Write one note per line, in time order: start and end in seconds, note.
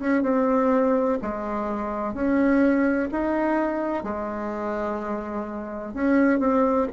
0.00 0.23 C#4
0.23 1.19 C4
1.23 2.14 G#3
2.14 3.10 C#4
3.12 4.04 D#4
4.04 5.94 G#3
5.94 6.40 C#4
6.40 6.87 C4